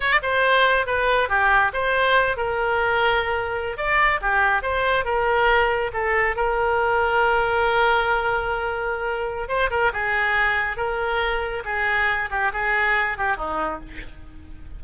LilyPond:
\new Staff \with { instrumentName = "oboe" } { \time 4/4 \tempo 4 = 139 d''8 c''4. b'4 g'4 | c''4. ais'2~ ais'8~ | ais'8. d''4 g'4 c''4 ais'16~ | ais'4.~ ais'16 a'4 ais'4~ ais'16~ |
ais'1~ | ais'2 c''8 ais'8 gis'4~ | gis'4 ais'2 gis'4~ | gis'8 g'8 gis'4. g'8 dis'4 | }